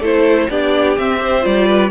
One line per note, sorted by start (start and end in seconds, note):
0.00 0.48 A3
0.00 0.50 E4
0.00 0.48 A4
0.00 0.50 C5
0.50 0.98 B3
0.50 0.98 D4
0.50 1.21 G4
0.50 0.98 D5
0.98 1.45 C4
0.98 1.18 C4
0.98 1.45 E5
1.18 1.42 G4
1.18 1.67 C5
1.42 1.90 G3
1.42 1.89 F4
1.42 1.90 D5
1.67 1.90 B4